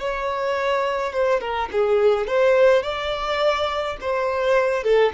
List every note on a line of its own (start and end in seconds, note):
0.00 1.13 C#5
1.13 1.41 C5
1.41 1.70 A#4
1.72 2.28 G#4
2.28 2.83 C5
2.83 3.97 D5
4.01 4.84 C5
4.84 5.13 A4